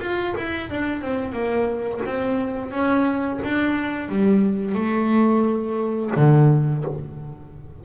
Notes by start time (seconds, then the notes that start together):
0.00 F4
0.37 E4
0.70 D4
1.02 C4
1.32 A#3
2.05 C4
2.71 C#4
3.43 D4
4.09 G3
4.75 A3
6.16 D3